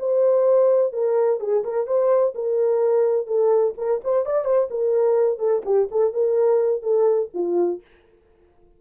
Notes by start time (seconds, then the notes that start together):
0.00 C5
0.93 A#4
1.41 G#4
1.64 A#4
1.87 C5
2.35 A#4
3.27 A4
3.78 A#4
4.04 C5
4.26 D5
4.45 C5
4.71 A#4
5.39 A4
5.66 G4
5.92 A4
6.14 A#4
6.83 A4
7.34 F4